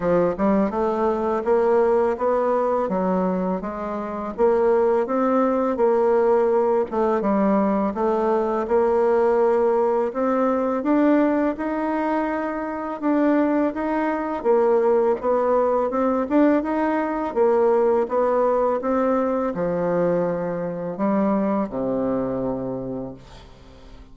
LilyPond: \new Staff \with { instrumentName = "bassoon" } { \time 4/4 \tempo 4 = 83 f8 g8 a4 ais4 b4 | fis4 gis4 ais4 c'4 | ais4. a8 g4 a4 | ais2 c'4 d'4 |
dis'2 d'4 dis'4 | ais4 b4 c'8 d'8 dis'4 | ais4 b4 c'4 f4~ | f4 g4 c2 | }